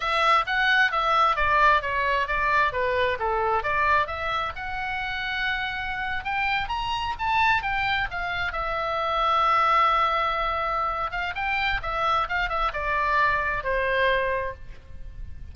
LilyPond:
\new Staff \with { instrumentName = "oboe" } { \time 4/4 \tempo 4 = 132 e''4 fis''4 e''4 d''4 | cis''4 d''4 b'4 a'4 | d''4 e''4 fis''2~ | fis''4.~ fis''16 g''4 ais''4 a''16~ |
a''8. g''4 f''4 e''4~ e''16~ | e''1~ | e''8 f''8 g''4 e''4 f''8 e''8 | d''2 c''2 | }